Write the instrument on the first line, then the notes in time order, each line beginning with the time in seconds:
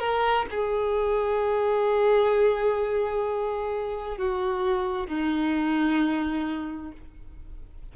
violin
0.00 A#4
0.51 G#4
4.17 F#4
5.07 D#4